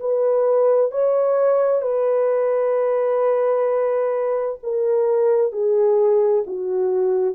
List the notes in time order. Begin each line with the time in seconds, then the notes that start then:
0.00 B4
0.92 C#5
1.82 B4
4.63 A#4
5.52 G#4
6.47 F#4